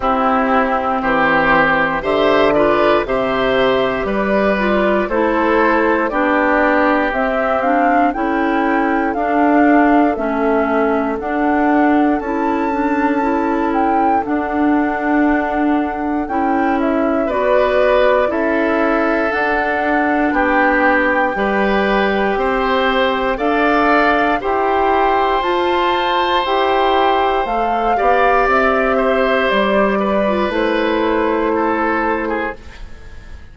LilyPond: <<
  \new Staff \with { instrumentName = "flute" } { \time 4/4 \tempo 4 = 59 g'4 c''4 e''8 d''8 e''4 | d''4 c''4 d''4 e''8 f''8 | g''4 f''4 e''4 fis''4 | a''4. g''8 fis''2 |
g''8 e''8 d''4 e''4 fis''4 | g''2. f''4 | g''4 a''4 g''4 f''4 | e''4 d''4 c''2 | }
  \new Staff \with { instrumentName = "oboe" } { \time 4/4 e'4 g'4 c''8 b'8 c''4 | b'4 a'4 g'2 | a'1~ | a'1~ |
a'4 b'4 a'2 | g'4 b'4 c''4 d''4 | c''2.~ c''8 d''8~ | d''8 c''4 b'4. a'8. gis'16 | }
  \new Staff \with { instrumentName = "clarinet" } { \time 4/4 c'2 g'8 f'8 g'4~ | g'8 f'8 e'4 d'4 c'8 d'8 | e'4 d'4 cis'4 d'4 | e'8 d'8 e'4 d'2 |
e'4 fis'4 e'4 d'4~ | d'4 g'2 a'4 | g'4 f'4 g'4 a'8 g'8~ | g'4.~ g'16 f'16 e'2 | }
  \new Staff \with { instrumentName = "bassoon" } { \time 4/4 c'4 e4 d4 c4 | g4 a4 b4 c'4 | cis'4 d'4 a4 d'4 | cis'2 d'2 |
cis'4 b4 cis'4 d'4 | b4 g4 c'4 d'4 | e'4 f'4 e'4 a8 b8 | c'4 g4 a2 | }
>>